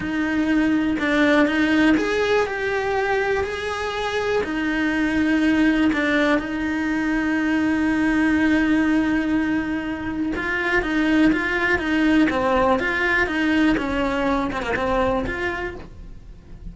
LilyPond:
\new Staff \with { instrumentName = "cello" } { \time 4/4 \tempo 4 = 122 dis'2 d'4 dis'4 | gis'4 g'2 gis'4~ | gis'4 dis'2. | d'4 dis'2.~ |
dis'1~ | dis'4 f'4 dis'4 f'4 | dis'4 c'4 f'4 dis'4 | cis'4. c'16 ais16 c'4 f'4 | }